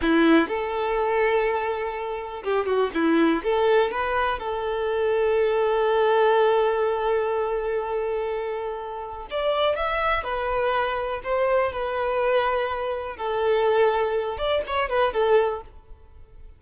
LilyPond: \new Staff \with { instrumentName = "violin" } { \time 4/4 \tempo 4 = 123 e'4 a'2.~ | a'4 g'8 fis'8 e'4 a'4 | b'4 a'2.~ | a'1~ |
a'2. d''4 | e''4 b'2 c''4 | b'2. a'4~ | a'4. d''8 cis''8 b'8 a'4 | }